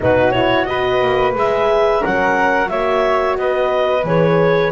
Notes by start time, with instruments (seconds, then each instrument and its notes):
0.00 double bass B2, horn D#4, flute F#4, clarinet B4
0.31 horn E4, clarinet C#5
0.65 double bass B3, horn F#4, flute B4, clarinet D#5
1.01 double bass A#3
1.34 double bass G#3, horn G#4, clarinet E5
2.01 double bass F#3, horn C#4, flute A#4, clarinet F#5
2.66 double bass A#3, horn F#4, flute C#5, clarinet E5
3.37 double bass B3, flute B4, clarinet D#5
4.04 double bass E3, horn G#4, clarinet C#5